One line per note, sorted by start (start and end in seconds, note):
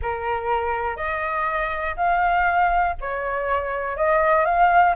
0.01 0.96 A#4
0.96 1.95 D#5
1.96 2.95 F5
3.00 3.96 C#5
3.96 4.45 D#5
4.45 4.95 F5